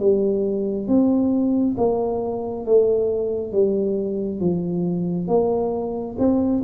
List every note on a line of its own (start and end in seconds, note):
0.00 0.87 G3
0.87 1.76 C4
1.77 2.66 A#3
2.66 3.53 A3
3.53 4.40 G3
4.40 5.28 F3
5.28 6.16 A#3
6.18 6.63 C4